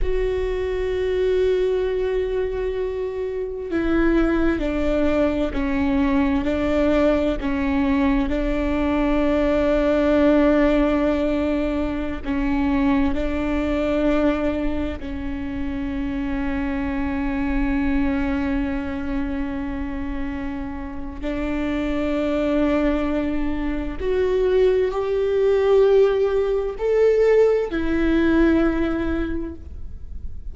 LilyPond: \new Staff \with { instrumentName = "viola" } { \time 4/4 \tempo 4 = 65 fis'1 | e'4 d'4 cis'4 d'4 | cis'4 d'2.~ | d'4~ d'16 cis'4 d'4.~ d'16~ |
d'16 cis'2.~ cis'8.~ | cis'2. d'4~ | d'2 fis'4 g'4~ | g'4 a'4 e'2 | }